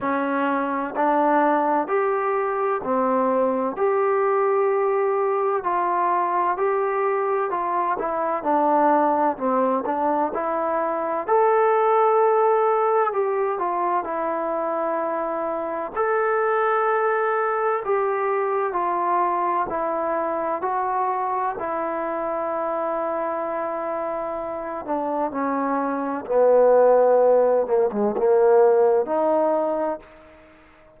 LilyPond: \new Staff \with { instrumentName = "trombone" } { \time 4/4 \tempo 4 = 64 cis'4 d'4 g'4 c'4 | g'2 f'4 g'4 | f'8 e'8 d'4 c'8 d'8 e'4 | a'2 g'8 f'8 e'4~ |
e'4 a'2 g'4 | f'4 e'4 fis'4 e'4~ | e'2~ e'8 d'8 cis'4 | b4. ais16 gis16 ais4 dis'4 | }